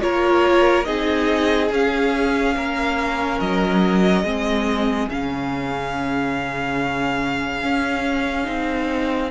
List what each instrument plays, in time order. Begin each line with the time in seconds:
0.00 cello A#3, viola F4, violin A#4 C#5
0.84 cello C4, viola D#4, violin G#4 D#5
1.71 cello C#4, viola C#4, violin F5
2.55 cello A#3, violin A#4
3.40 cello F#3, violin D#5
4.23 cello G#3, viola C4, violin G#4
5.09 cello C#3, viola C#4, violin F5
7.63 cello C#4
8.44 cello C4, viola D#4